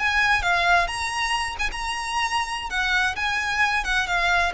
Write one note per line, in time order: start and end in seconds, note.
0.00 0.43 G#5
0.43 0.88 F5
0.88 1.56 A#5
1.59 1.71 G#5
1.72 2.70 A#5
2.70 3.16 F#5
3.16 3.85 G#5
3.85 4.07 F#5
4.07 4.53 F5